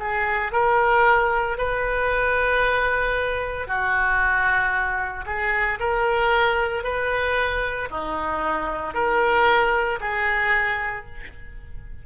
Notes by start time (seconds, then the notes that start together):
0.00 G#4
0.53 A#4
1.58 B4
3.67 F#4
5.26 G#4
5.80 A#4
6.84 B4
7.91 D#4
8.95 A#4
10.01 G#4